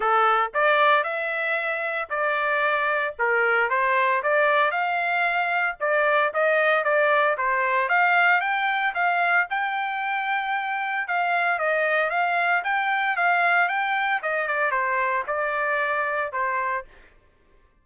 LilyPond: \new Staff \with { instrumentName = "trumpet" } { \time 4/4 \tempo 4 = 114 a'4 d''4 e''2 | d''2 ais'4 c''4 | d''4 f''2 d''4 | dis''4 d''4 c''4 f''4 |
g''4 f''4 g''2~ | g''4 f''4 dis''4 f''4 | g''4 f''4 g''4 dis''8 d''8 | c''4 d''2 c''4 | }